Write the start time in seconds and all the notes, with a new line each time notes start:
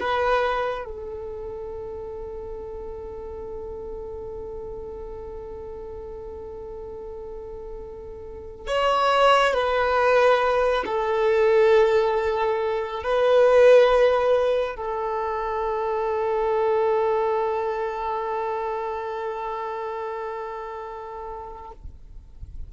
0.00 B4
0.85 A4
8.67 C#5
9.54 B4
10.86 A4
13.04 B4
14.76 A4